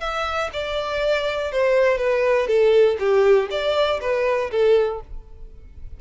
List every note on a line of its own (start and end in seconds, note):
0.00 0.50 E5
0.53 1.52 D5
1.52 1.97 C5
1.97 2.47 B4
2.47 2.97 A4
2.99 3.49 G4
3.50 4.00 D5
4.01 4.50 B4
4.51 5.00 A4